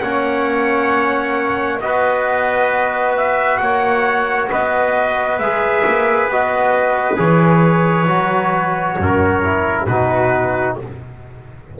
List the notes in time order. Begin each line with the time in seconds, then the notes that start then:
0.00 A#3 C#4 C#5 F#5
1.80 B3 F#4 B4 D#5
3.17 E5
3.57 A#3 C#5 F#5
4.51 B3 B4 D#5
5.39 G#3 G#4 E5
5.86 A#3
6.28 B3 F#4 D#5
7.16 E3 G#4 C#5
8.07 F#3 F#4
8.98 F#2 A#4
9.43 E4
9.86 B2 D#4 F#4 B4